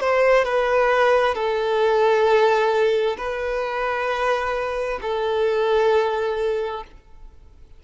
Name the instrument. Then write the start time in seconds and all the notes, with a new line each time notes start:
violin
0.00 C5
0.44 B4
1.34 A4
3.17 B4
5.02 A4